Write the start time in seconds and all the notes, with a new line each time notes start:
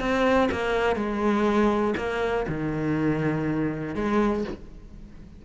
0.00 C4
0.51 A#3
0.96 G#3
1.97 A#3
2.48 D#3
3.95 G#3